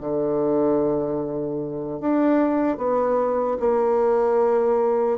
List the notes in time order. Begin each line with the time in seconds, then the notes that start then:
0.00 D3
2.00 D4
2.77 B3
3.60 A#3